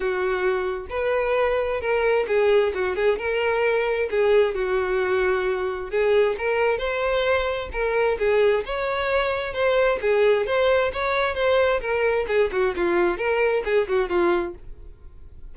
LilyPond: \new Staff \with { instrumentName = "violin" } { \time 4/4 \tempo 4 = 132 fis'2 b'2 | ais'4 gis'4 fis'8 gis'8 ais'4~ | ais'4 gis'4 fis'2~ | fis'4 gis'4 ais'4 c''4~ |
c''4 ais'4 gis'4 cis''4~ | cis''4 c''4 gis'4 c''4 | cis''4 c''4 ais'4 gis'8 fis'8 | f'4 ais'4 gis'8 fis'8 f'4 | }